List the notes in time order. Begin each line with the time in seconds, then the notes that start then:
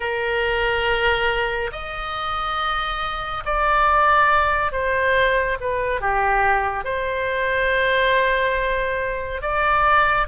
0.00 A#4
1.71 D#5
3.45 D5
4.71 C5
5.60 B4
6.00 G4
6.84 C5
9.41 D5